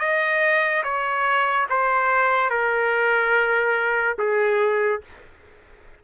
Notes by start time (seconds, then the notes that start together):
0.00 D#5
0.84 C#5
1.70 C5
2.51 A#4
4.19 G#4